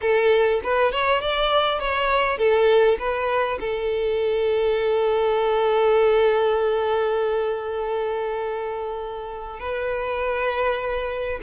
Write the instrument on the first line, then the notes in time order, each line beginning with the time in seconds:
violin
0.01 A4
0.63 B4
0.92 C#5
1.21 D5
1.79 C#5
2.38 A4
2.98 B4
3.60 A4
9.59 B4